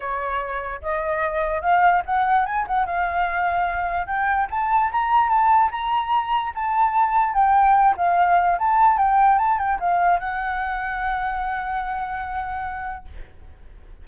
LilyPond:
\new Staff \with { instrumentName = "flute" } { \time 4/4 \tempo 4 = 147 cis''2 dis''2 | f''4 fis''4 gis''8 fis''8 f''4~ | f''2 g''4 a''4 | ais''4 a''4 ais''2 |
a''2 g''4. f''8~ | f''4 a''4 g''4 a''8 g''8 | f''4 fis''2.~ | fis''1 | }